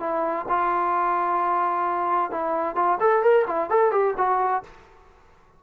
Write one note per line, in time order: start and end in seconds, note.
0.00 0.46 E4
0.49 2.31 F4
2.31 2.75 E4
2.75 2.98 F4
3.00 3.23 A4
3.23 3.46 A#4
3.47 3.70 E4
3.70 3.92 A4
3.92 4.15 G4
4.17 4.63 F#4